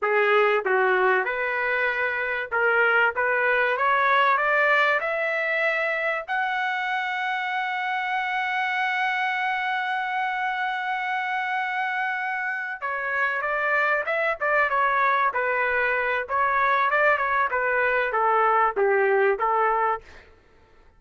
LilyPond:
\new Staff \with { instrumentName = "trumpet" } { \time 4/4 \tempo 4 = 96 gis'4 fis'4 b'2 | ais'4 b'4 cis''4 d''4 | e''2 fis''2~ | fis''1~ |
fis''1~ | fis''8 cis''4 d''4 e''8 d''8 cis''8~ | cis''8 b'4. cis''4 d''8 cis''8 | b'4 a'4 g'4 a'4 | }